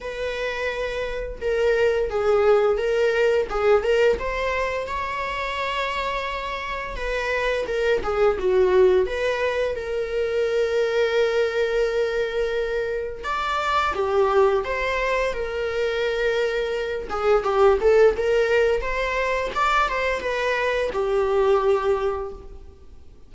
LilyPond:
\new Staff \with { instrumentName = "viola" } { \time 4/4 \tempo 4 = 86 b'2 ais'4 gis'4 | ais'4 gis'8 ais'8 c''4 cis''4~ | cis''2 b'4 ais'8 gis'8 | fis'4 b'4 ais'2~ |
ais'2. d''4 | g'4 c''4 ais'2~ | ais'8 gis'8 g'8 a'8 ais'4 c''4 | d''8 c''8 b'4 g'2 | }